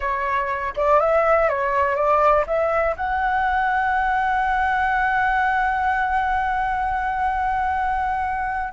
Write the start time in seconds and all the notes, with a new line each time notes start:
0.00 C#5
0.76 D5
1.00 E5
1.48 C#5
1.95 D5
2.46 E5
2.96 F#5